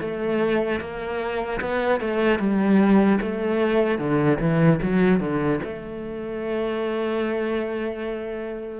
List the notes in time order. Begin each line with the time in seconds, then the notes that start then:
0.00 A3
0.80 A#3
1.60 B3
2.00 A3
2.39 G3
3.21 A3
3.98 D3
4.39 E3
4.82 F#3
5.20 D3
5.63 A3